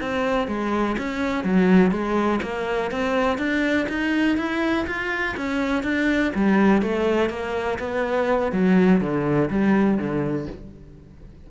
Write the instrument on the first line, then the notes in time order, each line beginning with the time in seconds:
cello
0.00 C4
0.47 G#3
0.98 C#4
1.44 F#3
1.91 G#3
2.42 A#3
2.91 C4
3.38 D4
3.88 D#4
4.37 E4
4.86 F4
5.36 C#4
5.83 D4
6.35 G3
6.81 A3
7.29 A#3
7.78 B3
8.52 F#3
9.01 D3
9.50 G3
9.98 D3